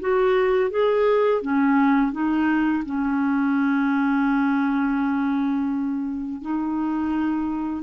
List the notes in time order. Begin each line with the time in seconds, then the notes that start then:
0.00 F#4
0.70 G#4
1.42 C#4
2.12 D#4
2.85 C#4
6.42 D#4